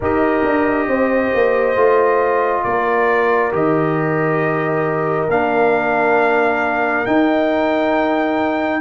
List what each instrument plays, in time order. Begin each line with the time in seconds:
0.00 tuba D#4, trombone G4, horn A#4, trumpet D#5
0.44 tuba D4
0.87 tuba C4, horn C5
1.34 tuba A#3
1.75 tuba A3, trombone F4
2.63 tuba A#3, horn A#4, trumpet D5
3.51 tuba D#3, trombone G4, trumpet D#5
5.29 tuba A#3, trombone D4, trumpet F5
7.05 trombone D#4, tuba D#4, trumpet G5